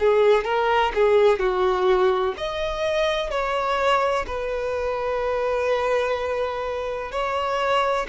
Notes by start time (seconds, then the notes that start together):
0.00 G#4
0.45 A#4
0.95 G#4
1.39 F#4
2.38 D#5
3.31 C#5
4.27 B4
7.12 C#5